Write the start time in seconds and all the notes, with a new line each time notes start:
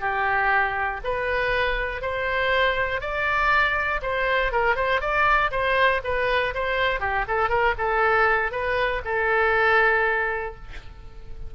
0.00 G4
1.04 B4
2.01 C5
3.01 D5
4.02 C5
4.52 A#4
4.75 C5
5.00 D5
5.51 C5
6.04 B4
6.54 C5
7.00 G4
7.27 A4
7.49 A#4
7.77 A4
8.51 B4
9.05 A4